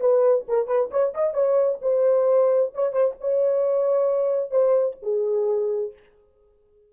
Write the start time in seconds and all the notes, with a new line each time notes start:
0.00 B4
0.48 A#4
0.67 B4
0.91 C#5
1.14 D#5
1.34 C#5
1.82 C5
2.74 C#5
2.92 C5
3.20 C#5
4.51 C5
5.02 G#4